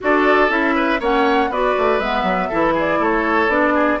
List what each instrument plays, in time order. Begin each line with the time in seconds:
0.01 bassoon D4, clarinet F#4, oboe A4, flute D5
0.49 bassoon C#4, clarinet E4, flute E5
0.75 oboe B4
1.00 bassoon A#3, clarinet C#4, oboe C#5, flute F#5
1.49 bassoon B3, clarinet F#4, oboe B4, flute D5
1.78 bassoon A3
1.99 bassoon G#3, clarinet B3, flute E5
2.23 bassoon F#3
2.49 bassoon E3, clarinet E4, oboe A4
2.73 oboe G#4
2.79 flute D5
2.98 bassoon A3, oboe A4, flute C#5
3.48 bassoon B3, clarinet D4, flute D5
3.74 oboe G#4